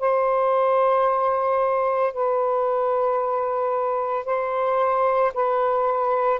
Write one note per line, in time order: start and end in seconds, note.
0.00 2.13 C5
2.13 4.25 B4
4.25 5.33 C5
5.34 6.40 B4